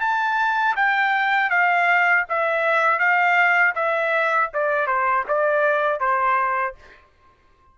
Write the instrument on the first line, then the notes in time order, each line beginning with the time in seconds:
trumpet
0.00 A5
0.76 G5
1.50 F5
2.29 E5
2.99 F5
3.75 E5
4.53 D5
4.87 C5
5.28 D5
6.00 C5